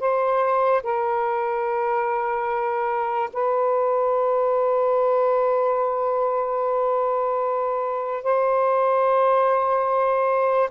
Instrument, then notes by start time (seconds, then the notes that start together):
saxophone
0.00 C5
0.83 A#4
3.33 B4
8.23 C5